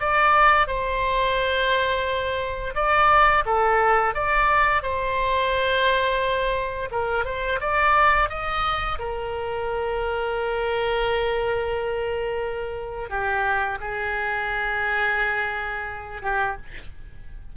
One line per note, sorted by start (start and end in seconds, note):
0.00 0.67 D5
0.67 2.74 C5
2.75 3.44 D5
3.45 4.14 A4
4.14 4.82 D5
4.82 6.89 C5
6.91 7.25 A#4
7.25 7.59 C5
7.60 8.29 D5
8.29 8.98 D#5
8.99 13.09 A#4
13.09 13.78 G4
13.80 16.22 G#4
16.22 16.56 G4